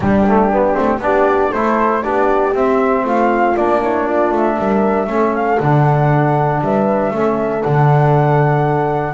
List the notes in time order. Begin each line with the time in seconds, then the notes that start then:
0.00 G3 D4 G4
0.28 A3
0.52 B3
0.74 A3 C4
0.98 B3 D4 G4 D5
1.50 A3 E4 A4 C5
2.02 B3 D4 G4 D5
2.53 C4 E5
3.04 A3 F4 F5
3.56 A#3 D4 D5
3.82 E4 C#5
4.04 F4 D5
4.31 A3 E5
4.58 G3 A#4
5.06 A3 C#4 A4
5.35 F5
5.59 D3 D4 F#5
6.61 G3 B4 E5
7.10 A3 C#4 A4
7.62 D3 D4 F#5